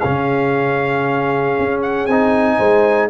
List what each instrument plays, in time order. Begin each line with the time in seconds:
0.00 tuba C#3, trombone C#4, horn G#4, trumpet F5
1.58 tuba C#4
1.82 trumpet F#5
2.06 tuba C4, trombone D#4, trumpet G#5
2.57 tuba G#3, horn C5